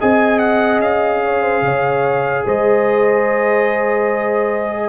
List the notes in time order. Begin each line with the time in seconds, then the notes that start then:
0.00 C4 G#4 D#5 G#5
0.39 F#5
0.80 C#4 F5
1.25 C#5
1.42 C5
1.62 C#3 C#5
2.46 G#3 C5 D#5